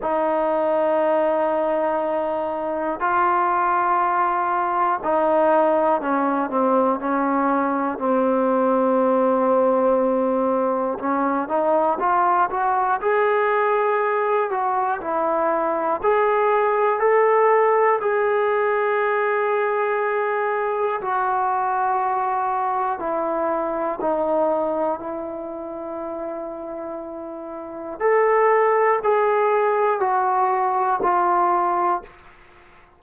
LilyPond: \new Staff \with { instrumentName = "trombone" } { \time 4/4 \tempo 4 = 60 dis'2. f'4~ | f'4 dis'4 cis'8 c'8 cis'4 | c'2. cis'8 dis'8 | f'8 fis'8 gis'4. fis'8 e'4 |
gis'4 a'4 gis'2~ | gis'4 fis'2 e'4 | dis'4 e'2. | a'4 gis'4 fis'4 f'4 | }